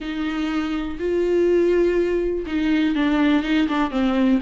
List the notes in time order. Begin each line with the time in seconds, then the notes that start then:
0.00 D#4
0.99 F4
2.46 D#4
2.95 D4
3.43 D#4
3.67 D4
3.90 C4